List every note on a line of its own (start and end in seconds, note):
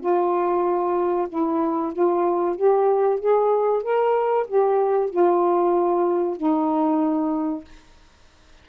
0.00 1.28 F4
1.29 1.92 E4
1.93 2.56 F4
2.56 3.19 G4
3.19 3.83 G#4
3.83 4.47 A#4
4.47 5.10 G4
5.10 6.37 F4
6.37 7.65 D#4